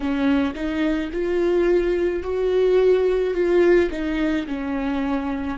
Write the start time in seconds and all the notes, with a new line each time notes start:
0.00 C#4
0.54 D#4
1.12 F4
2.22 F#4
3.33 F4
3.90 D#4
4.46 C#4